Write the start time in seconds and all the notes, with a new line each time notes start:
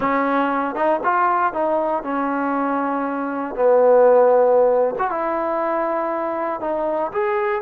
0.00 C#4
0.75 D#4
1.03 F4
1.53 D#4
2.03 C#4
3.55 B3
4.98 F#4
5.10 E4
6.60 D#4
7.12 G#4